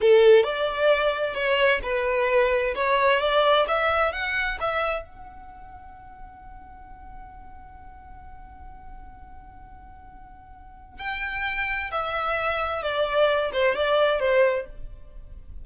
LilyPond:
\new Staff \with { instrumentName = "violin" } { \time 4/4 \tempo 4 = 131 a'4 d''2 cis''4 | b'2 cis''4 d''4 | e''4 fis''4 e''4 fis''4~ | fis''1~ |
fis''1~ | fis''1 | g''2 e''2 | d''4. c''8 d''4 c''4 | }